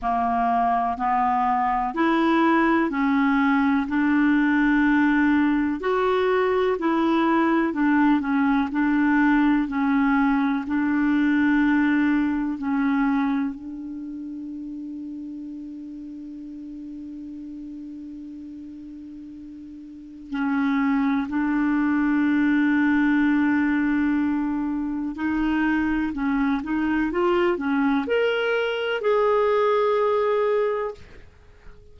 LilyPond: \new Staff \with { instrumentName = "clarinet" } { \time 4/4 \tempo 4 = 62 ais4 b4 e'4 cis'4 | d'2 fis'4 e'4 | d'8 cis'8 d'4 cis'4 d'4~ | d'4 cis'4 d'2~ |
d'1~ | d'4 cis'4 d'2~ | d'2 dis'4 cis'8 dis'8 | f'8 cis'8 ais'4 gis'2 | }